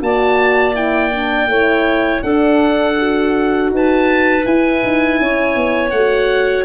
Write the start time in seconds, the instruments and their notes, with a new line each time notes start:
0.00 tuba A#3, horn F#4, clarinet D5, oboe A5
0.74 horn E4, oboe G5
1.11 horn D4
1.47 tuba A3, horn E4, clarinet C#5
2.22 horn D4, tuba D4, clarinet A4, oboe F#5
2.98 horn F#4
3.71 tuba D#4, clarinet B4, oboe A5
4.44 horn E4, tuba E4, oboe G#5
4.83 tuba D#4
5.20 tuba C#4, clarinet C#5
5.55 tuba B3
5.90 tuba A3, horn F#4, oboe F#5